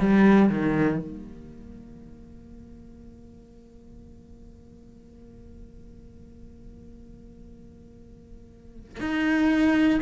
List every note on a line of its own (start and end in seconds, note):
0.00 0.50 G3
0.50 0.99 D#3
0.99 8.99 A#3
9.01 10.01 D#4